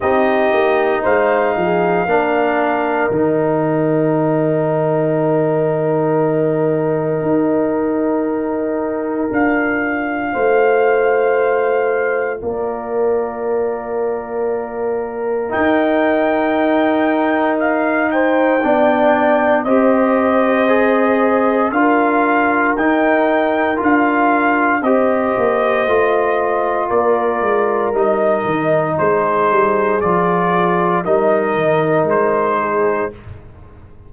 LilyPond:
<<
  \new Staff \with { instrumentName = "trumpet" } { \time 4/4 \tempo 4 = 58 dis''4 f''2 g''4~ | g''1~ | g''4 f''2. | d''2. g''4~ |
g''4 f''8 g''4. dis''4~ | dis''4 f''4 g''4 f''4 | dis''2 d''4 dis''4 | c''4 d''4 dis''4 c''4 | }
  \new Staff \with { instrumentName = "horn" } { \time 4/4 g'4 c''8 gis'8 ais'2~ | ais'1~ | ais'2 c''2 | ais'1~ |
ais'4. c''8 d''4 c''4~ | c''4 ais'2. | c''2 ais'2 | gis'2 ais'4. gis'8 | }
  \new Staff \with { instrumentName = "trombone" } { \time 4/4 dis'2 d'4 dis'4~ | dis'1~ | dis'4 f'2.~ | f'2. dis'4~ |
dis'2 d'4 g'4 | gis'4 f'4 dis'4 f'4 | g'4 f'2 dis'4~ | dis'4 f'4 dis'2 | }
  \new Staff \with { instrumentName = "tuba" } { \time 4/4 c'8 ais8 gis8 f8 ais4 dis4~ | dis2. dis'4~ | dis'4 d'4 a2 | ais2. dis'4~ |
dis'2 b4 c'4~ | c'4 d'4 dis'4 d'4 | c'8 ais8 a4 ais8 gis8 g8 dis8 | gis8 g8 f4 g8 dis8 gis4 | }
>>